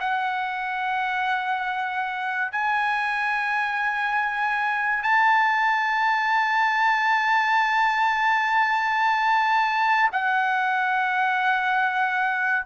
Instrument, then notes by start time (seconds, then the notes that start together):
trumpet
0.00 F#5
2.52 G#5
5.03 A5
10.12 F#5